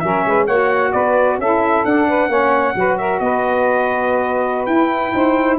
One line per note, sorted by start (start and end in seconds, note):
0.00 0.26 F#3
0.00 0.48 C#4
0.00 0.27 A#4
0.00 0.45 E5
0.26 0.48 G#3
0.26 0.46 B4
0.46 0.94 A#3
0.46 1.42 F#4
0.46 0.91 C#5
0.46 0.93 F#5
0.93 1.39 B3
0.93 1.39 B4
0.93 1.38 D5
1.39 1.84 C#4
1.39 1.85 E4
1.39 2.08 A4
1.39 1.85 E5
1.85 2.29 D4
1.85 2.98 F#5
2.08 2.29 B4
2.29 2.75 A#3
2.29 2.74 C#4
2.29 2.75 C#5
2.74 3.20 F#3
2.74 4.68 F#4
2.74 2.99 B4
2.98 3.22 A#4
2.98 3.20 E5
3.20 4.68 B3
3.20 5.15 B4
3.20 4.66 D#5
4.66 5.13 E4
4.66 5.59 E4
4.66 5.57 G5
5.15 5.59 D#4
5.15 5.59 C5